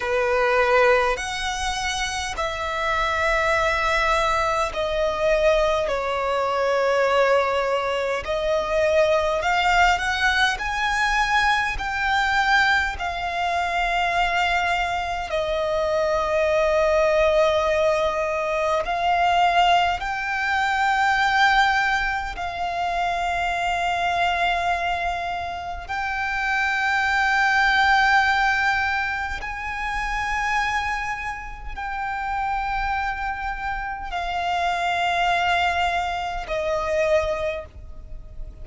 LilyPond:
\new Staff \with { instrumentName = "violin" } { \time 4/4 \tempo 4 = 51 b'4 fis''4 e''2 | dis''4 cis''2 dis''4 | f''8 fis''8 gis''4 g''4 f''4~ | f''4 dis''2. |
f''4 g''2 f''4~ | f''2 g''2~ | g''4 gis''2 g''4~ | g''4 f''2 dis''4 | }